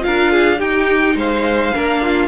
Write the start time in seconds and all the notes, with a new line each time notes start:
0.00 D4 F4 F5
0.07 A#4
0.32 G#4
0.58 D#4 G4 G5
1.15 G#3 C5 F5
1.74 A#3 D4 A#4
2.02 F4